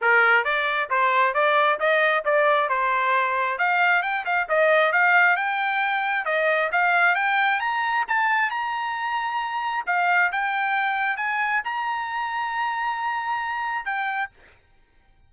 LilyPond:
\new Staff \with { instrumentName = "trumpet" } { \time 4/4 \tempo 4 = 134 ais'4 d''4 c''4 d''4 | dis''4 d''4 c''2 | f''4 g''8 f''8 dis''4 f''4 | g''2 dis''4 f''4 |
g''4 ais''4 a''4 ais''4~ | ais''2 f''4 g''4~ | g''4 gis''4 ais''2~ | ais''2. g''4 | }